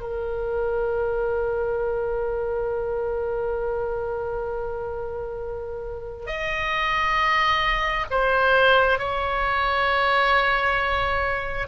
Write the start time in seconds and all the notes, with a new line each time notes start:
0.00 A#4
6.26 D#5
8.11 C5
8.98 C#5